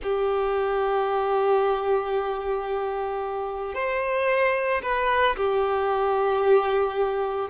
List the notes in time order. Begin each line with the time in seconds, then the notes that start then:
0.02 G4
3.74 C5
4.82 B4
5.36 G4